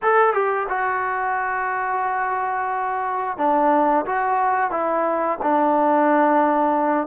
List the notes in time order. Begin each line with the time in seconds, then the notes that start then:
0.02 A4
0.33 G4
0.68 F#4
3.37 D4
4.05 F#4
4.70 E4
5.42 D4